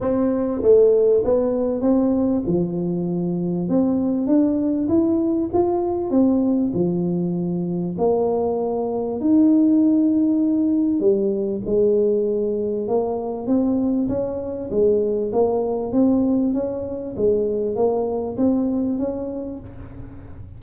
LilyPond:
\new Staff \with { instrumentName = "tuba" } { \time 4/4 \tempo 4 = 98 c'4 a4 b4 c'4 | f2 c'4 d'4 | e'4 f'4 c'4 f4~ | f4 ais2 dis'4~ |
dis'2 g4 gis4~ | gis4 ais4 c'4 cis'4 | gis4 ais4 c'4 cis'4 | gis4 ais4 c'4 cis'4 | }